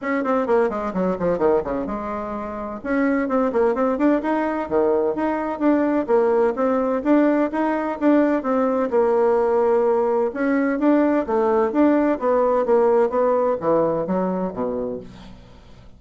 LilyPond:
\new Staff \with { instrumentName = "bassoon" } { \time 4/4 \tempo 4 = 128 cis'8 c'8 ais8 gis8 fis8 f8 dis8 cis8 | gis2 cis'4 c'8 ais8 | c'8 d'8 dis'4 dis4 dis'4 | d'4 ais4 c'4 d'4 |
dis'4 d'4 c'4 ais4~ | ais2 cis'4 d'4 | a4 d'4 b4 ais4 | b4 e4 fis4 b,4 | }